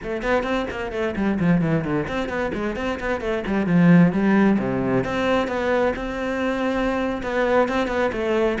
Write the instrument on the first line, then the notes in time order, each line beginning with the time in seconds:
cello
0.02 A3
0.22 B3
0.43 C4
0.70 A#3
0.92 A3
1.16 G3
1.39 F3
1.61 E3
1.84 D3
2.08 C4
2.28 B3
2.53 G#3
2.76 C4
3.00 B3
3.20 A3
3.46 G3
3.66 F3
4.12 G3
4.58 C3
5.04 C4
5.47 B3
5.96 C4
7.22 B3
7.68 C4
7.87 B3
8.12 A3